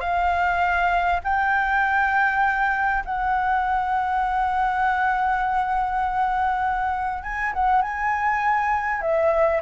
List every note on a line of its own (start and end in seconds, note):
0.00 1.20 F5
1.24 3.04 G5
3.05 7.23 F#5
7.23 7.53 G#5
7.53 7.82 F#5
7.82 9.01 G#5
9.01 9.61 E5